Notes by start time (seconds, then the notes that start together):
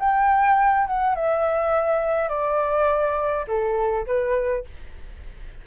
0.00 G5
0.87 F#5
1.15 E5
2.29 D5
3.48 A4
4.07 B4